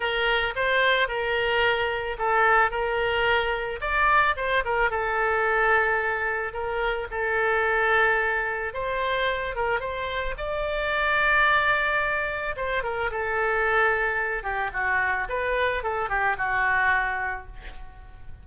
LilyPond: \new Staff \with { instrumentName = "oboe" } { \time 4/4 \tempo 4 = 110 ais'4 c''4 ais'2 | a'4 ais'2 d''4 | c''8 ais'8 a'2. | ais'4 a'2. |
c''4. ais'8 c''4 d''4~ | d''2. c''8 ais'8 | a'2~ a'8 g'8 fis'4 | b'4 a'8 g'8 fis'2 | }